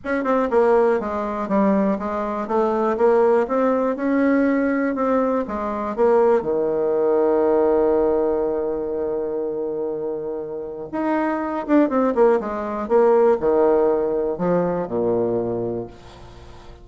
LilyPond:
\new Staff \with { instrumentName = "bassoon" } { \time 4/4 \tempo 4 = 121 cis'8 c'8 ais4 gis4 g4 | gis4 a4 ais4 c'4 | cis'2 c'4 gis4 | ais4 dis2.~ |
dis1~ | dis2 dis'4. d'8 | c'8 ais8 gis4 ais4 dis4~ | dis4 f4 ais,2 | }